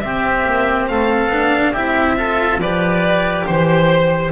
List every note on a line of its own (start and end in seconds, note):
0.00 0.46 C4
0.00 1.32 C4
0.00 0.90 G4
0.00 0.86 E5
0.46 0.89 A#3
0.88 1.28 A3
0.88 1.73 A4
0.88 1.74 F5
1.28 1.71 B3
1.28 1.75 D4
1.73 2.58 C4
1.73 2.17 E4
1.73 2.16 G4
1.73 2.60 E5
2.17 2.60 F4
2.17 2.61 A4
2.58 3.44 F3
2.58 4.32 G4
2.58 3.47 B4
2.58 3.46 D5
3.46 4.32 E3
3.46 4.32 C5